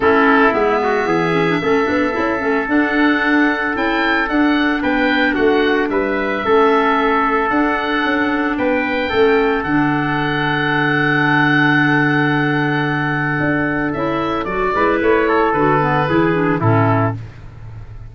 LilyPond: <<
  \new Staff \with { instrumentName = "oboe" } { \time 4/4 \tempo 4 = 112 a'4 e''2.~ | e''4 fis''2 g''4 | fis''4 g''4 fis''4 e''4~ | e''2 fis''2 |
g''2 fis''2~ | fis''1~ | fis''2 e''4 d''4 | cis''4 b'2 a'4 | }
  \new Staff \with { instrumentName = "trumpet" } { \time 4/4 e'4. fis'8 gis'4 a'4~ | a'1~ | a'4 b'4 fis'4 b'4 | a'1 |
b'4 a'2.~ | a'1~ | a'2.~ a'8 b'8~ | b'8 a'4. gis'4 e'4 | }
  \new Staff \with { instrumentName = "clarinet" } { \time 4/4 cis'4 b4. cis'16 d'16 cis'8 d'8 | e'8 cis'8 d'2 e'4 | d'1 | cis'2 d'2~ |
d'4 cis'4 d'2~ | d'1~ | d'2 e'4 fis'8 e'8~ | e'4 fis'8 b8 e'8 d'8 cis'4 | }
  \new Staff \with { instrumentName = "tuba" } { \time 4/4 a4 gis4 e4 a8 b8 | cis'8 a8 d'2 cis'4 | d'4 b4 a4 g4 | a2 d'4 cis'4 |
b4 a4 d2~ | d1~ | d4 d'4 cis'4 fis8 gis8 | a4 d4 e4 a,4 | }
>>